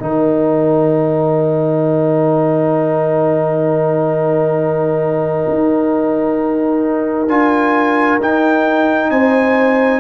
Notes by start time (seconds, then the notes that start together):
0.00 D#3 D#4 A#4 G5
5.49 D#4
7.29 D4 F4 G#5
8.21 D#4 G5
9.11 C4 C5 G#5